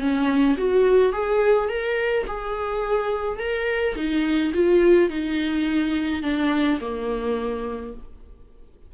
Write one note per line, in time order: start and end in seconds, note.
0.00 0.57 C#4
0.57 1.12 F#4
1.12 1.69 G#4
1.69 2.25 A#4
2.27 3.39 G#4
3.39 3.95 A#4
3.95 4.52 D#4
4.54 5.09 F4
5.09 6.22 D#4
6.22 6.79 D4
6.80 7.93 A#3